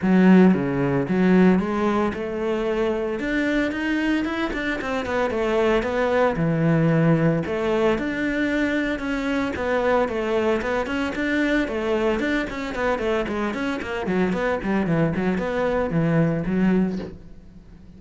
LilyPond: \new Staff \with { instrumentName = "cello" } { \time 4/4 \tempo 4 = 113 fis4 cis4 fis4 gis4 | a2 d'4 dis'4 | e'8 d'8 c'8 b8 a4 b4 | e2 a4 d'4~ |
d'4 cis'4 b4 a4 | b8 cis'8 d'4 a4 d'8 cis'8 | b8 a8 gis8 cis'8 ais8 fis8 b8 g8 | e8 fis8 b4 e4 fis4 | }